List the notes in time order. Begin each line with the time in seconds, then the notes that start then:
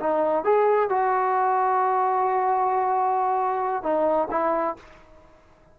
0.00 D#4
0.44 G#4
0.90 F#4
3.83 D#4
4.31 E4